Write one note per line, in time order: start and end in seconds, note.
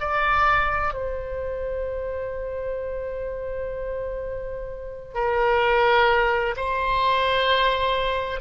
0.00 0.94 D5
0.94 5.15 C5
5.15 6.55 A#4
6.56 8.41 C5